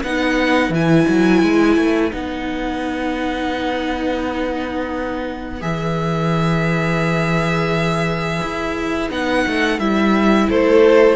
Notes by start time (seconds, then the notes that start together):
0.00 B3 D#4 B4 F#5
0.69 E3 E4 G#5
1.08 F#3
1.42 G#3
1.76 A3
2.11 B3 D#4 F#5
5.60 E3 G#4 E5
8.42 E4
9.09 B3 D#4 F#5
9.47 A3
9.79 G3 E4 E5
10.49 A3 A4 C5